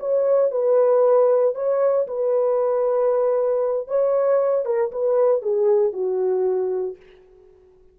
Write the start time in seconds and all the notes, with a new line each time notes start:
0.00 C#5
0.52 B4
1.55 C#5
2.08 B4
3.88 C#5
4.66 A#4
4.92 B4
5.43 G#4
5.93 F#4